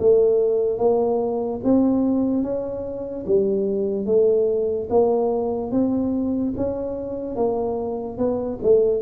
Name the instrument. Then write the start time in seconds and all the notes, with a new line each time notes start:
tuba
0.00 A3
0.78 A#3
1.64 C4
2.43 C#4
3.27 G3
4.06 A3
4.90 A#3
5.72 C4
6.57 C#4
7.36 A#3
8.18 B3
8.63 A3